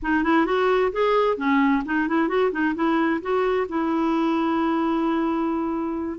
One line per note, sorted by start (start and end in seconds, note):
0.02 0.23 D#4
0.23 0.46 E4
0.46 0.92 F#4
0.92 1.37 G#4
1.37 1.83 C#4
1.85 2.08 D#4
2.08 2.28 E4
2.28 2.51 F#4
2.51 2.74 D#4
2.74 3.20 E4
3.21 3.67 F#4
3.68 6.18 E4